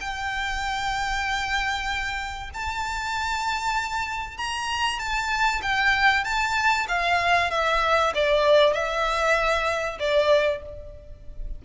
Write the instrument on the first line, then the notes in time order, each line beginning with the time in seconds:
violin
0.00 G5
2.54 A5
4.38 A#5
4.99 A5
5.62 G5
6.24 A5
6.88 F5
7.51 E5
8.14 D5
8.73 E5
9.99 D5